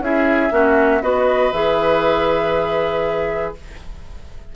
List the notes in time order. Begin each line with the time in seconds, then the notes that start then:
0.00 C#4 E4 G#4 E5
0.50 A#3 C#4 F#4
1.02 B3 F#4 B4 D#5
1.53 E3 G#4 E5